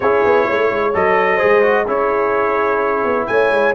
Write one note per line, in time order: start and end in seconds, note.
0.00 0.22 C#4
0.00 0.93 E4
0.00 0.45 G#4
0.00 0.94 C#5
0.24 0.47 B3
0.45 0.70 A3
0.45 1.36 C#5
0.70 0.94 G#3
0.93 1.41 F#3
0.93 1.38 A4
0.93 1.88 D#5
1.36 1.62 G#4
1.36 1.83 C5
1.43 1.87 G#3
1.62 1.85 F#4
1.86 3.04 C#4
1.86 3.74 E4
1.86 3.27 G#4
1.86 3.26 C#5
3.04 3.27 B3
3.26 3.49 A3
3.26 3.74 C#5
3.26 3.73 G#5
3.49 3.73 G#3